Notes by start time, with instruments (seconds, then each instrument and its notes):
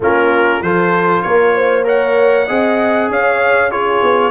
0.00 tuba A#3, trombone C#4, horn F4, trumpet A#4
0.61 tuba F3, trombone F4, horn A4, trumpet C5
1.22 tuba A#3, horn A#4, trumpet C#5
1.55 horn C5
1.84 trombone A#4, horn C#5, trumpet F#5
2.46 tuba C4, trombone G#4, horn D#5
3.08 tuba C#4, horn C#5, trumpet F5
3.70 trombone F4, horn G#4, trumpet C#5
4.02 tuba B3